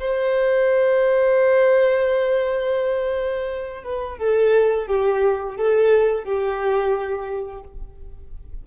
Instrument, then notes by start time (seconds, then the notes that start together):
violin
0.00 C5
3.84 B4
4.18 A4
4.87 G4
5.57 A4
6.24 G4